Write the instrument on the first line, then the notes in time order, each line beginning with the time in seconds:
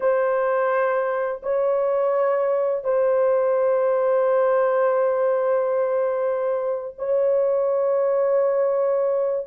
horn
0.00 C5
1.43 C#5
2.84 C5
6.98 C#5